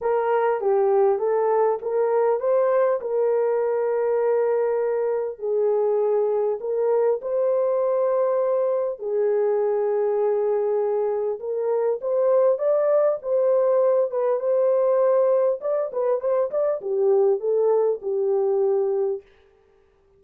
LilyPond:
\new Staff \with { instrumentName = "horn" } { \time 4/4 \tempo 4 = 100 ais'4 g'4 a'4 ais'4 | c''4 ais'2.~ | ais'4 gis'2 ais'4 | c''2. gis'4~ |
gis'2. ais'4 | c''4 d''4 c''4. b'8 | c''2 d''8 b'8 c''8 d''8 | g'4 a'4 g'2 | }